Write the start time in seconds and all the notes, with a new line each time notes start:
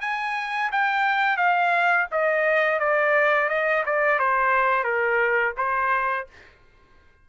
0.00 G#5
0.71 G5
1.37 F5
2.11 D#5
2.79 D5
3.49 D#5
3.85 D5
4.19 C5
4.83 A#4
5.57 C5